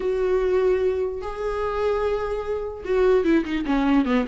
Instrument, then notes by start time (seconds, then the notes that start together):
viola
0.00 F#4
1.21 G#4
2.85 F#4
3.24 E4
3.44 D#4
3.65 C#4
4.05 B3